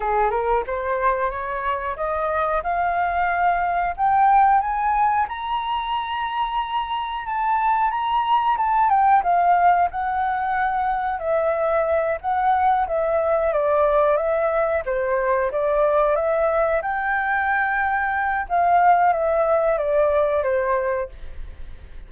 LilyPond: \new Staff \with { instrumentName = "flute" } { \time 4/4 \tempo 4 = 91 gis'8 ais'8 c''4 cis''4 dis''4 | f''2 g''4 gis''4 | ais''2. a''4 | ais''4 a''8 g''8 f''4 fis''4~ |
fis''4 e''4. fis''4 e''8~ | e''8 d''4 e''4 c''4 d''8~ | d''8 e''4 g''2~ g''8 | f''4 e''4 d''4 c''4 | }